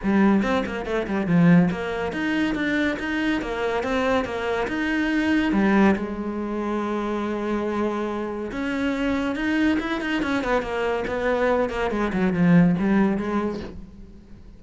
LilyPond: \new Staff \with { instrumentName = "cello" } { \time 4/4 \tempo 4 = 141 g4 c'8 ais8 a8 g8 f4 | ais4 dis'4 d'4 dis'4 | ais4 c'4 ais4 dis'4~ | dis'4 g4 gis2~ |
gis1 | cis'2 dis'4 e'8 dis'8 | cis'8 b8 ais4 b4. ais8 | gis8 fis8 f4 g4 gis4 | }